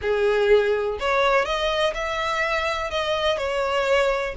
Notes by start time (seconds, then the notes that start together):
0.01 G#4
0.99 C#5
1.45 D#5
1.94 E5
2.90 D#5
3.37 C#5